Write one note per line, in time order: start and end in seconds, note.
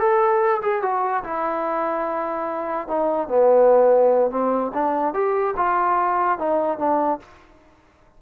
0.00 0.62 A4
0.62 0.83 G#4
0.83 1.24 F#4
1.24 2.88 E4
2.88 3.29 D#4
3.29 4.31 B3
4.31 4.72 C4
4.74 5.14 D4
5.14 5.55 G4
5.57 6.39 F4
6.39 6.79 D#4
6.79 7.20 D4